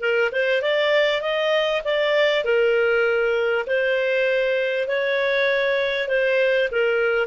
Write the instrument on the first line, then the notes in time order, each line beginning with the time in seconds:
clarinet
0.00 A#4
0.32 C5
0.62 D5
1.21 D#5
1.84 D5
2.44 A#4
3.66 C5
4.88 C#5
6.08 C5
6.71 A#4